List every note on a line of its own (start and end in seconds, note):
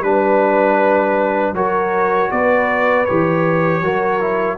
0.00 1.52 G3
0.00 1.55 D4
0.00 1.55 B4
0.00 1.56 B4
1.53 2.29 F#3
1.53 3.07 F#4
1.53 2.32 A#4
1.53 2.31 C#5
2.31 3.08 B3
2.31 3.83 B4
2.31 3.05 D5
3.05 3.81 E3
3.05 3.83 G4
3.05 4.57 C#5
3.81 4.57 F#3
3.81 4.20 F#4
3.81 4.58 A#4
4.20 4.58 E4